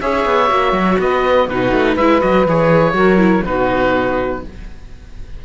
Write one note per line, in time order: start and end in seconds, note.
0.00 0.25 C#4
0.00 0.48 G#4
0.00 0.98 C#5
0.00 0.99 E5
0.25 0.50 B3
0.48 0.72 A#3
0.48 1.47 F#4
0.72 0.96 F#3
0.99 1.48 B3
0.99 1.49 B4
0.99 1.48 D#5
1.48 1.71 B2
1.48 1.99 D#4
1.48 1.93 F#4
1.48 1.96 B4
1.71 1.96 A3
1.93 2.21 G#3
1.93 2.20 E4
1.93 2.92 B4
1.93 2.21 E5
2.20 2.45 F#3
2.20 2.45 F#4
2.20 2.45 D#5
2.45 2.93 E3
2.45 2.93 G#4
2.45 3.45 C#5
2.93 3.42 F#3
2.93 3.17 F#4
2.93 3.44 A#4
3.17 3.41 E4
3.45 4.44 B2
3.45 4.44 D#4
3.45 4.44 F#4
3.45 4.43 B4